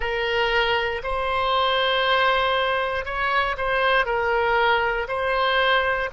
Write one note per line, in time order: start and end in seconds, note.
0.00 1.02 A#4
1.03 3.05 C5
3.05 3.56 C#5
3.57 4.05 C5
4.05 5.07 A#4
5.08 6.09 C5